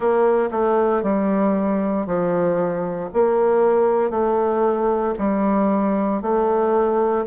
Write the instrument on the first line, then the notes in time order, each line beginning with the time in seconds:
bassoon
0.00 A#3
0.51 A3
1.03 G3
2.06 F3
3.13 A#3
4.10 A3
5.18 G3
6.22 A3